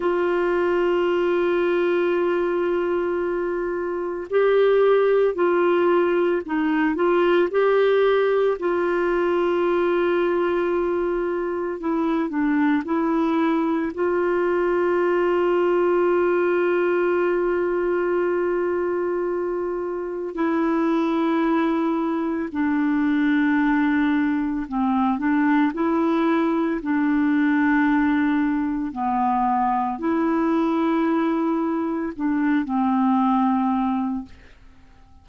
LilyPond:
\new Staff \with { instrumentName = "clarinet" } { \time 4/4 \tempo 4 = 56 f'1 | g'4 f'4 dis'8 f'8 g'4 | f'2. e'8 d'8 | e'4 f'2.~ |
f'2. e'4~ | e'4 d'2 c'8 d'8 | e'4 d'2 b4 | e'2 d'8 c'4. | }